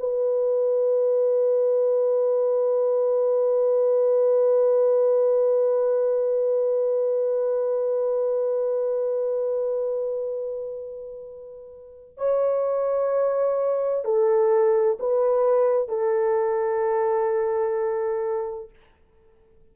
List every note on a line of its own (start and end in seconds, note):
0.00 12.17 B4
12.17 14.05 C#5
14.05 14.99 A4
15.00 15.89 B4
15.89 18.70 A4